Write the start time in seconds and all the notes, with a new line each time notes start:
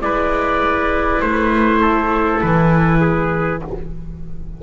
0.00 G#3 E4 B4 D5
1.21 A3 C5
1.80 A4
2.41 E3 B4
3.00 G#4